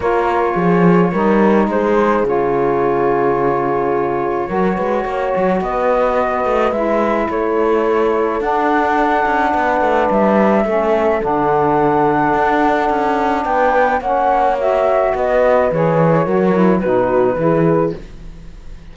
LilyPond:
<<
  \new Staff \with { instrumentName = "flute" } { \time 4/4 \tempo 4 = 107 cis''2. c''4 | cis''1~ | cis''2 dis''2 | e''4 cis''2 fis''4~ |
fis''2 e''2 | fis''1 | g''4 fis''4 e''4 dis''4 | cis''2 b'2 | }
  \new Staff \with { instrumentName = "horn" } { \time 4/4 ais'4 gis'4 ais'4 gis'4~ | gis'1 | ais'8 b'8 cis''4 b'2~ | b'4 a'2.~ |
a'4 b'2 a'4~ | a'1 | b'4 cis''2 b'4~ | b'4 ais'4 fis'4 gis'4 | }
  \new Staff \with { instrumentName = "saxophone" } { \time 4/4 f'2 dis'2 | f'1 | fis'1 | e'2. d'4~ |
d'2. cis'4 | d'1~ | d'4 cis'4 fis'2 | gis'4 fis'8 e'8 dis'4 e'4 | }
  \new Staff \with { instrumentName = "cello" } { \time 4/4 ais4 f4 g4 gis4 | cis1 | fis8 gis8 ais8 fis8 b4. a8 | gis4 a2 d'4~ |
d'8 cis'8 b8 a8 g4 a4 | d2 d'4 cis'4 | b4 ais2 b4 | e4 fis4 b,4 e4 | }
>>